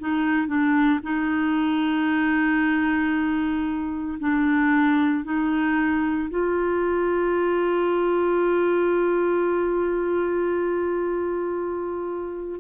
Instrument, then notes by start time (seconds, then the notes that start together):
clarinet
0.00 D#4
0.48 D4
1.03 D#4
4.20 D4
5.25 D#4
6.31 F4